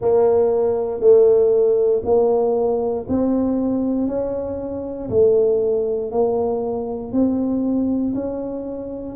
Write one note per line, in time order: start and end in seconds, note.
0.00 1.00 A#3
1.00 2.02 A3
2.04 3.06 A#3
3.08 4.07 C4
4.07 5.09 C#4
5.09 6.11 A3
6.11 7.12 A#3
7.12 8.14 C4
8.14 9.15 C#4